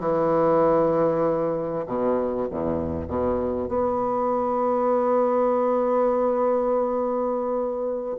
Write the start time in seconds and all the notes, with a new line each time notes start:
0.00 E3
1.87 B2
2.51 E2
3.08 B2
3.69 B3